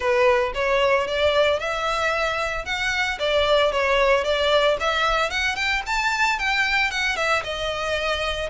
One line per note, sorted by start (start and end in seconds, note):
0.00 0.52 B4
0.54 1.07 C#5
1.07 1.59 D5
1.59 2.65 E5
2.65 3.18 F#5
3.19 3.71 D5
3.71 4.24 C#5
4.24 4.77 D5
4.80 5.30 E5
5.30 5.55 F#5
5.55 5.82 G5
5.86 6.38 A5
6.38 6.91 G5
6.91 7.16 F#5
7.16 7.42 E5
7.43 8.50 D#5